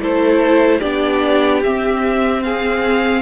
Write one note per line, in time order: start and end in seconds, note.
0.00 0.81 A3
0.00 0.82 E4
0.00 0.79 A4
0.00 0.81 C5
0.79 1.65 B3
0.79 1.64 D4
0.79 2.41 G4
0.79 1.62 D5
1.64 3.22 C4
1.64 2.43 E5
2.43 3.22 G#4
2.43 3.22 F5